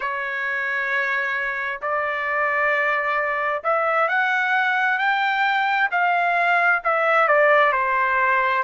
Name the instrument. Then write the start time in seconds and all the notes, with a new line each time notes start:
trumpet
0.00 C#5
1.81 D5
3.63 E5
4.08 F#5
4.98 G5
5.91 F5
6.84 E5
7.27 D5
7.72 C5